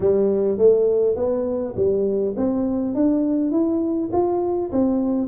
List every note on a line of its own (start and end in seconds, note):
0.00 0.57 G3
0.57 1.16 A3
1.16 1.74 B3
1.76 2.35 G3
2.36 2.94 C4
2.94 3.51 D4
3.51 4.09 E4
4.12 4.71 F4
4.72 5.27 C4